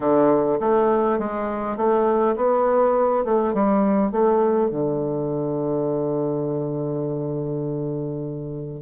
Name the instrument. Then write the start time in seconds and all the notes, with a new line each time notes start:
bassoon
0.00 D3
0.59 A3
1.18 G#3
1.76 A3
2.36 B3
3.24 A3
3.53 G3
4.11 A3
4.70 D3